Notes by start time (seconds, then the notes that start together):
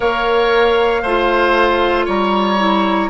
0.00 A#3 A#4 C#5 F5
1.02 A3 F4 C5
2.05 G3 C#5 A#5
2.58 E4